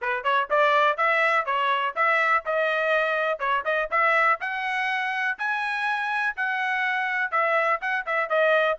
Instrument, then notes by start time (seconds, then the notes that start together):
trumpet
0.01 B4
0.23 C#5
0.50 D5
0.97 E5
1.45 C#5
1.95 E5
2.45 D#5
3.39 C#5
3.65 D#5
3.90 E5
4.40 F#5
5.38 G#5
6.36 F#5
7.31 E5
7.81 F#5
8.06 E5
8.29 D#5